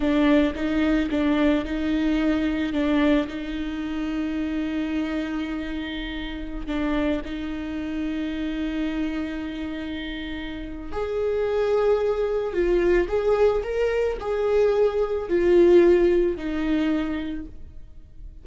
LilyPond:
\new Staff \with { instrumentName = "viola" } { \time 4/4 \tempo 4 = 110 d'4 dis'4 d'4 dis'4~ | dis'4 d'4 dis'2~ | dis'1~ | dis'16 d'4 dis'2~ dis'8.~ |
dis'1 | gis'2. f'4 | gis'4 ais'4 gis'2 | f'2 dis'2 | }